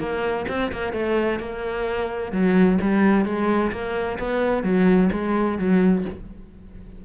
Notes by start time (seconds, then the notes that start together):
0.00 A#3
0.49 C4
0.73 A#3
0.93 A3
1.40 A#3
2.33 F#3
2.82 G3
3.26 G#3
3.72 A#3
4.19 B3
4.64 F#3
5.12 G#3
5.59 F#3